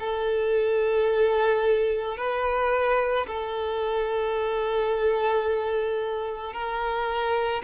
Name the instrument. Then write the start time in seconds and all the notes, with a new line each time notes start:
violin
0.00 A4
2.18 B4
3.27 A4
6.54 A#4